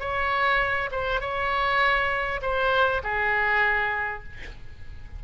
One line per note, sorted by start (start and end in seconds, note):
0.00 0.90 C#5
0.92 1.21 C5
1.21 2.41 C#5
2.42 3.02 C5
3.04 4.24 G#4